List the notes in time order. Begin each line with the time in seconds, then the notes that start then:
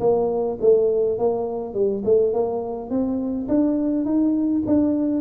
0.00 A#3
0.61 A3
1.18 A#3
1.74 G3
2.05 A3
2.33 A#3
2.90 C4
3.48 D4
4.05 D#4
4.66 D4